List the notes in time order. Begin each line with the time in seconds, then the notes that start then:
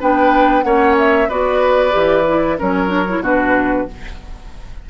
0.00 B3 D4 B4 G5
0.63 A#3 C#4 C#5 F#5
0.99 E5
1.28 B3 F#4 B4 D5
1.91 E3 G4
2.28 E4
2.58 F#3 C#4 A#4 C#5
2.88 D4
3.09 E4
3.20 B2 D4 F#4 B4